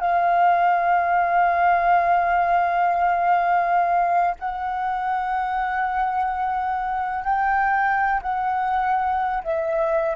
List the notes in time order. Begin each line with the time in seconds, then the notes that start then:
0.00 F5
4.39 F#5
7.24 G5
8.22 F#5
9.43 E5